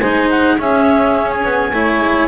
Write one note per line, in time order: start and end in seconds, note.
0.00 0.57 G#3
0.00 0.58 D#4
0.00 0.57 C5
0.00 0.29 G#5
0.30 0.59 F#5
0.58 1.72 C#4
0.58 1.45 C#4
0.58 1.72 G#4
0.58 1.31 E5
1.31 2.29 G#5
1.45 1.73 B3
1.73 2.00 A3
1.73 2.29 E4
1.73 2.29 C#5
2.00 2.28 G#3